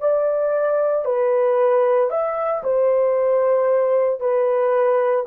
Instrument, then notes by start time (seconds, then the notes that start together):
horn
0.00 D5
1.05 B4
2.11 E5
2.64 C5
4.21 B4